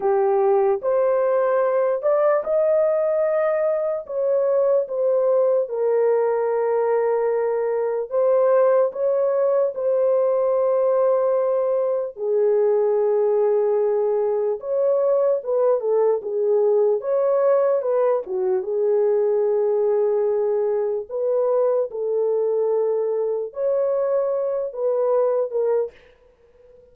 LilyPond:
\new Staff \with { instrumentName = "horn" } { \time 4/4 \tempo 4 = 74 g'4 c''4. d''8 dis''4~ | dis''4 cis''4 c''4 ais'4~ | ais'2 c''4 cis''4 | c''2. gis'4~ |
gis'2 cis''4 b'8 a'8 | gis'4 cis''4 b'8 fis'8 gis'4~ | gis'2 b'4 a'4~ | a'4 cis''4. b'4 ais'8 | }